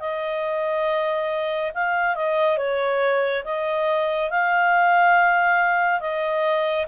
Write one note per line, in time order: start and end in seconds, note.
0.00 1.71 D#5
1.75 2.15 F5
2.15 2.58 D#5
2.58 3.43 C#5
3.44 4.30 D#5
4.30 6.00 F5
6.00 6.86 D#5